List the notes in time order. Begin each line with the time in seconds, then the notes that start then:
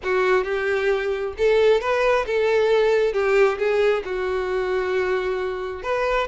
0.03 F#4
0.44 G4
1.37 A4
1.81 B4
2.26 A4
3.13 G4
3.58 G#4
4.04 F#4
5.82 B4